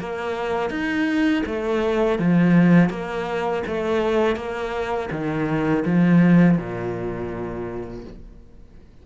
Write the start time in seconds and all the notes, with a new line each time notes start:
0.00 A#3
0.70 D#4
1.46 A3
2.19 F3
2.90 A#3
3.67 A3
4.36 A#3
5.12 D#3
5.85 F3
6.58 A#2